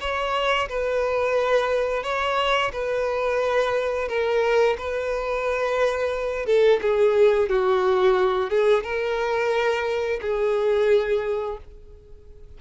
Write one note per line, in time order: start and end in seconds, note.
0.00 0.68 C#5
0.68 2.03 B4
2.03 2.71 C#5
2.72 4.08 B4
4.08 4.76 A#4
4.78 6.46 B4
6.46 6.80 A4
6.82 7.49 G#4
7.49 8.49 F#4
8.49 8.83 G#4
8.83 10.20 A#4
10.21 11.57 G#4